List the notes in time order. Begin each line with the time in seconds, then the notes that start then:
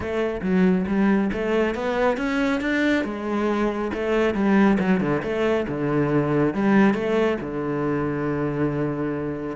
0.00 A3
0.41 F#3
0.87 G3
1.32 A3
1.74 B3
2.17 C#4
2.60 D4
3.04 G#3
3.93 A3
4.34 G3
4.79 F#3
5.00 D3
5.23 A3
5.67 D3
6.54 G3
6.94 A3
7.40 D3